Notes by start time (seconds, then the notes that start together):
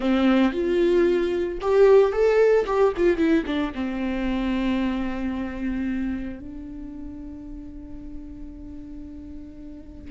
0.00 C4
0.52 F4
1.61 G4
2.12 A4
2.66 G4
2.96 F4
3.17 E4
3.46 D4
3.74 C4
6.39 D4